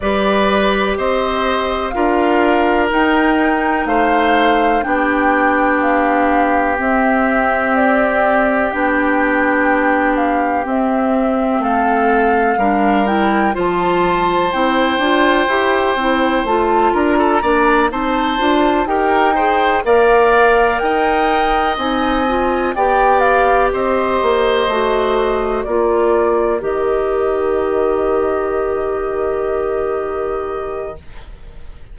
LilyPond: <<
  \new Staff \with { instrumentName = "flute" } { \time 4/4 \tempo 4 = 62 d''4 dis''4 f''4 g''4 | f''4 g''4 f''4 e''4 | d''4 g''4. f''8 e''4 | f''4. g''8 a''4 g''4~ |
g''4 a''8 ais''4 a''4 g''8~ | g''8 f''4 g''4 gis''4 g''8 | f''8 dis''2 d''4 dis''8~ | dis''1 | }
  \new Staff \with { instrumentName = "oboe" } { \time 4/4 b'4 c''4 ais'2 | c''4 g'2.~ | g'1 | a'4 ais'4 c''2~ |
c''4. ais'16 a'16 d''8 c''4 ais'8 | c''8 d''4 dis''2 d''8~ | d''8 c''2 ais'4.~ | ais'1 | }
  \new Staff \with { instrumentName = "clarinet" } { \time 4/4 g'2 f'4 dis'4~ | dis'4 d'2 c'4~ | c'4 d'2 c'4~ | c'4 d'8 e'8 f'4 e'8 f'8 |
g'8 e'8 f'4 d'8 dis'8 f'8 g'8 | gis'8 ais'2 dis'8 f'8 g'8~ | g'4. fis'4 f'4 g'8~ | g'1 | }
  \new Staff \with { instrumentName = "bassoon" } { \time 4/4 g4 c'4 d'4 dis'4 | a4 b2 c'4~ | c'4 b2 c'4 | a4 g4 f4 c'8 d'8 |
e'8 c'8 a8 d'8 ais8 c'8 d'8 dis'8~ | dis'8 ais4 dis'4 c'4 b8~ | b8 c'8 ais8 a4 ais4 dis8~ | dis1 | }
>>